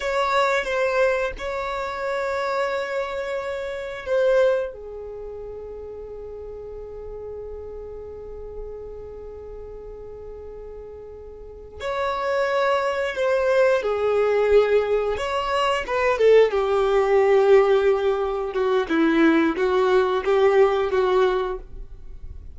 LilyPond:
\new Staff \with { instrumentName = "violin" } { \time 4/4 \tempo 4 = 89 cis''4 c''4 cis''2~ | cis''2 c''4 gis'4~ | gis'1~ | gis'1~ |
gis'4. cis''2 c''8~ | c''8 gis'2 cis''4 b'8 | a'8 g'2. fis'8 | e'4 fis'4 g'4 fis'4 | }